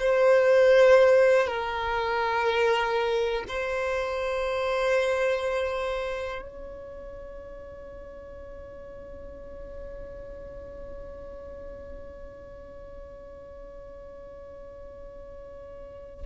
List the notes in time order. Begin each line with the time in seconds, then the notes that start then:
0.00 C5
1.48 A#4
3.48 C5
6.42 C#5